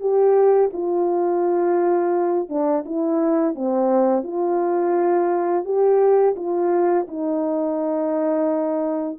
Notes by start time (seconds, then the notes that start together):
0.00 G4
0.73 F4
2.49 D4
2.85 E4
3.55 C4
4.23 F4
5.64 G4
6.36 F4
7.07 D#4